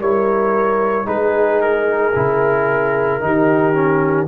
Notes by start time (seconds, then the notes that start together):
0.00 G3 E4 A#4 C#5
1.05 G#3 D#4 G#4 B4
1.61 A#4
2.15 C#3 E4
3.20 D#3 D#4 G4
3.74 C#4